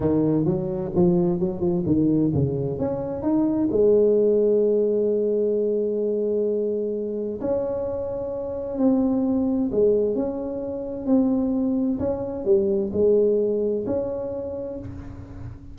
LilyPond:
\new Staff \with { instrumentName = "tuba" } { \time 4/4 \tempo 4 = 130 dis4 fis4 f4 fis8 f8 | dis4 cis4 cis'4 dis'4 | gis1~ | gis1 |
cis'2. c'4~ | c'4 gis4 cis'2 | c'2 cis'4 g4 | gis2 cis'2 | }